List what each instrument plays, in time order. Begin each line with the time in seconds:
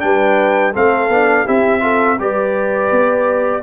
0.00 tuba G3, trombone D4, horn B4, trumpet G5
0.72 tuba A3, trombone C4, horn A4, trumpet F5
1.09 tuba B3, trombone D4
1.45 tuba C4, trombone E4, horn G4, trumpet E5
1.80 trombone F4, horn A4
2.19 tuba G3, trombone G4, horn B4, trumpet D5
2.91 tuba B3